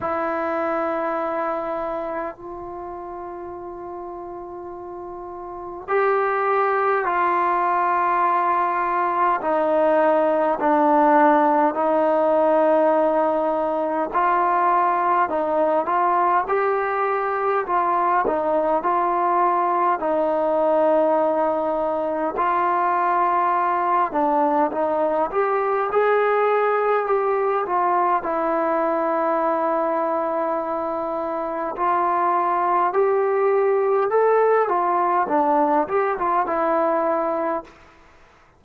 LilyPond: \new Staff \with { instrumentName = "trombone" } { \time 4/4 \tempo 4 = 51 e'2 f'2~ | f'4 g'4 f'2 | dis'4 d'4 dis'2 | f'4 dis'8 f'8 g'4 f'8 dis'8 |
f'4 dis'2 f'4~ | f'8 d'8 dis'8 g'8 gis'4 g'8 f'8 | e'2. f'4 | g'4 a'8 f'8 d'8 g'16 f'16 e'4 | }